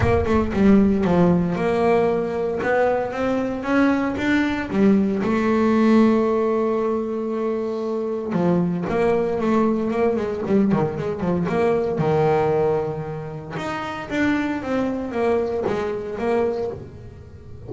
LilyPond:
\new Staff \with { instrumentName = "double bass" } { \time 4/4 \tempo 4 = 115 ais8 a8 g4 f4 ais4~ | ais4 b4 c'4 cis'4 | d'4 g4 a2~ | a1 |
f4 ais4 a4 ais8 gis8 | g8 dis8 gis8 f8 ais4 dis4~ | dis2 dis'4 d'4 | c'4 ais4 gis4 ais4 | }